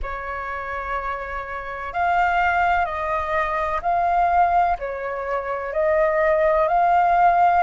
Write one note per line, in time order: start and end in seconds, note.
0.02 1.93 C#5
1.93 2.85 F5
2.85 3.80 D#5
3.81 4.77 F5
4.78 5.72 C#5
5.72 6.68 D#5
6.68 7.63 F5